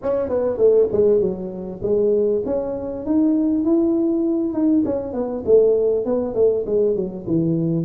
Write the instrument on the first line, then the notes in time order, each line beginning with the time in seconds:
tuba
0.02 C#4
0.28 B3
0.57 A3
0.91 G#3
1.20 F#3
1.82 G#3
2.45 C#4
3.05 D#4
3.64 E4
4.53 D#4
4.85 C#4
5.13 B3
5.45 A3
6.05 B3
6.34 A3
6.66 G#3
6.95 F#3
7.26 E3